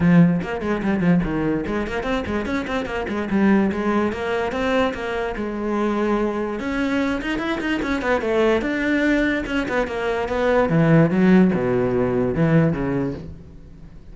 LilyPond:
\new Staff \with { instrumentName = "cello" } { \time 4/4 \tempo 4 = 146 f4 ais8 gis8 g8 f8 dis4 | gis8 ais8 c'8 gis8 cis'8 c'8 ais8 gis8 | g4 gis4 ais4 c'4 | ais4 gis2. |
cis'4. dis'8 e'8 dis'8 cis'8 b8 | a4 d'2 cis'8 b8 | ais4 b4 e4 fis4 | b,2 e4 cis4 | }